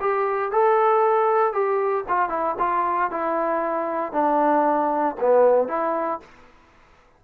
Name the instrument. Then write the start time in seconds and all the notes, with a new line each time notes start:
trombone
0.00 G4
0.51 A4
1.53 G4
2.08 F4
2.29 E4
2.59 F4
3.10 E4
4.12 D4
5.20 B3
5.68 E4